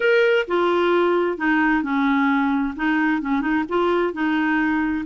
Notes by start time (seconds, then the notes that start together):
0.00 A#4
0.47 F4
1.37 D#4
1.83 C#4
2.76 D#4
3.21 C#4
3.41 D#4
3.68 F4
4.13 D#4